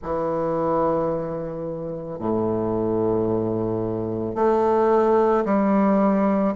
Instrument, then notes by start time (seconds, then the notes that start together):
bassoon
0.02 E3
2.19 A2
4.35 A3
5.45 G3